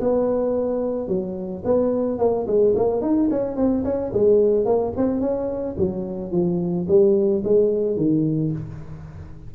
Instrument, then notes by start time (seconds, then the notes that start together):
tuba
0.00 B3
1.08 F#3
1.65 B3
2.18 A#3
2.47 G#3
2.76 A#3
3.01 D#4
3.31 C#4
3.56 C4
3.84 C#4
4.13 G#3
4.65 A#3
4.96 C4
5.20 C#4
5.78 F#3
6.31 F3
6.88 G3
7.44 G#3
7.96 D#3